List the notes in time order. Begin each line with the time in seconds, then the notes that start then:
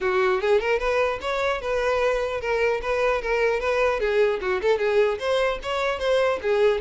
0.01 F#4
0.41 G#4
0.60 A#4
0.79 B4
1.21 C#5
1.61 B4
2.41 A#4
2.82 B4
3.21 A#4
3.60 B4
4.00 G#4
4.41 F#4
4.61 A4
4.78 G#4
5.19 C5
5.63 C#5
5.99 C5
6.42 G#4